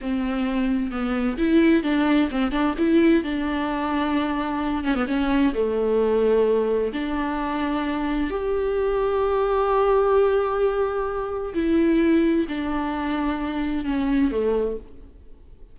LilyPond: \new Staff \with { instrumentName = "viola" } { \time 4/4 \tempo 4 = 130 c'2 b4 e'4 | d'4 c'8 d'8 e'4 d'4~ | d'2~ d'8 cis'16 b16 cis'4 | a2. d'4~ |
d'2 g'2~ | g'1~ | g'4 e'2 d'4~ | d'2 cis'4 a4 | }